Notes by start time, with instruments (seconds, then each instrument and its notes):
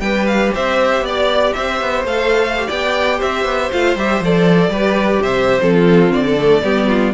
0.00 cello G3, viola G4, violin B4 G5
0.26 violin F5
0.54 cello C4, violin C5 E5
1.01 cello B3, violin D5
1.53 cello C4, violin C5 E5
1.81 cello B3
2.04 cello A3, viola A4, violin F5
2.58 viola G4
2.67 cello B3, violin D5 G5
3.17 cello C4, violin C5 E5
3.45 cello B3
3.71 cello A3, viola F4, violin F5
3.96 cello G3, viola G4, violin E5
4.20 cello F3, viola A4, violin D5
4.68 cello G3, viola G4, violin B4
5.21 cello C3, violin C5 E5
5.61 cello F3, viola C4, violin A4
5.73 violin F4
6.10 cello D3, violin D5
6.24 violin A4
6.39 viola A3
6.62 cello G3, viola B3, violin G4
6.88 violin F4